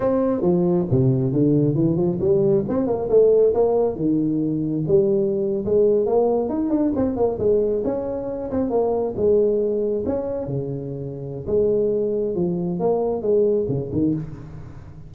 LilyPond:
\new Staff \with { instrumentName = "tuba" } { \time 4/4 \tempo 4 = 136 c'4 f4 c4 d4 | e8 f8 g4 c'8 ais8 a4 | ais4 dis2 g4~ | g8. gis4 ais4 dis'8 d'8 c'16~ |
c'16 ais8 gis4 cis'4. c'8 ais16~ | ais8. gis2 cis'4 cis16~ | cis2 gis2 | f4 ais4 gis4 cis8 dis8 | }